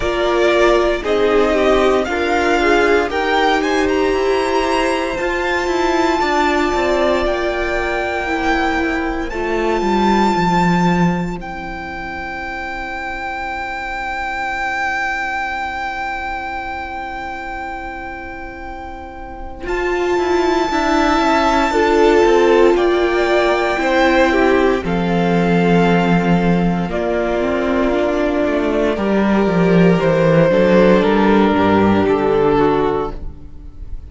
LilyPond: <<
  \new Staff \with { instrumentName = "violin" } { \time 4/4 \tempo 4 = 58 d''4 dis''4 f''4 g''8 gis''16 ais''16~ | ais''4 a''2 g''4~ | g''4 a''2 g''4~ | g''1~ |
g''2. a''4~ | a''2 g''2 | f''2 d''2~ | d''4 c''4 ais'4 a'4 | }
  \new Staff \with { instrumentName = "violin" } { \time 4/4 ais'4 gis'8 g'8 f'4 ais'8 c''8~ | c''2 d''2 | c''1~ | c''1~ |
c''1 | e''4 a'4 d''4 c''8 g'8 | a'2 f'2 | ais'4. a'4 g'4 fis'8 | }
  \new Staff \with { instrumentName = "viola" } { \time 4/4 f'4 dis'4 ais'8 gis'8 g'4~ | g'4 f'2. | e'4 f'2 e'4~ | e'1~ |
e'2. f'4 | e'4 f'2 e'4 | c'2 ais8 c'8 d'4 | g'4. d'2~ d'8 | }
  \new Staff \with { instrumentName = "cello" } { \time 4/4 ais4 c'4 d'4 dis'4 | e'4 f'8 e'8 d'8 c'8 ais4~ | ais4 a8 g8 f4 c'4~ | c'1~ |
c'2. f'8 e'8 | d'8 cis'8 d'8 c'8 ais4 c'4 | f2 ais4. a8 | g8 f8 e8 fis8 g8 g,8 d4 | }
>>